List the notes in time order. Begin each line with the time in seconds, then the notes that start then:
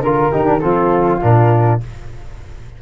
0.00 D3 F4 A#4
0.31 D#3 D#4 G4
0.45 D4
0.59 F3 C4 F4 A4
1.21 A#2 D4 A#4